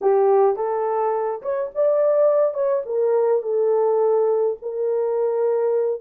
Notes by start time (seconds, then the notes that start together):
0.01 G4
0.56 A4
1.42 C#5
1.74 D5
2.54 C#5
2.85 A#4
3.42 A4
4.61 A#4